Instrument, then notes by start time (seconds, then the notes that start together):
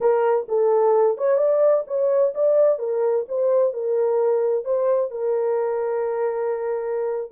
horn
0.00 A#4
0.48 A4
1.17 C#5
1.37 D5
1.87 C#5
2.34 D5
2.79 A#4
3.28 C5
3.73 A#4
4.64 C5
5.11 A#4